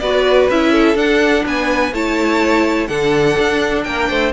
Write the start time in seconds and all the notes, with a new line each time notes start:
0.00 B3 F#4 B4 D5
0.50 C#4 E4 E5
0.72 A4
0.96 D4 F#5
1.46 B3 B4 G#5
1.93 A3 E4 C#5 A5
2.87 D3 D4 A4 F#5
3.38 D4
3.84 A#3 A#4 G5
4.09 A3 C5